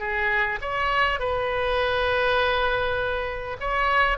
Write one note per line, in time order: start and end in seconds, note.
0.00 0.59 G#4
0.62 1.20 C#5
1.20 3.58 B4
3.61 4.18 C#5